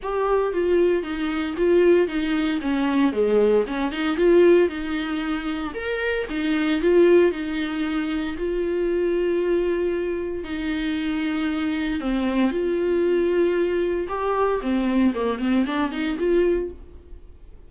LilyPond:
\new Staff \with { instrumentName = "viola" } { \time 4/4 \tempo 4 = 115 g'4 f'4 dis'4 f'4 | dis'4 cis'4 gis4 cis'8 dis'8 | f'4 dis'2 ais'4 | dis'4 f'4 dis'2 |
f'1 | dis'2. c'4 | f'2. g'4 | c'4 ais8 c'8 d'8 dis'8 f'4 | }